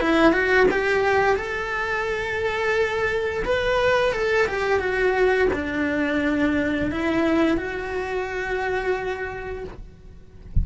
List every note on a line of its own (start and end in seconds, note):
0.00 0.32 E4
0.32 0.66 F#4
0.70 1.36 G4
1.36 3.43 A4
3.44 4.13 B4
4.13 4.47 A4
4.47 4.79 G4
4.79 5.48 F#4
5.53 6.91 D4
6.91 7.57 E4
7.57 9.64 F#4